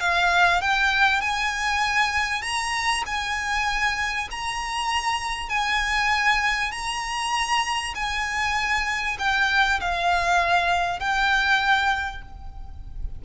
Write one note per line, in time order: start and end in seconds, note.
0.00 0.61 F5
0.61 1.21 G5
1.21 2.42 G#5
2.42 3.03 A#5
3.06 4.28 G#5
4.31 5.49 A#5
5.49 6.72 G#5
6.72 7.94 A#5
7.95 9.17 G#5
9.19 9.80 G5
9.80 11.00 F5
11.00 12.22 G5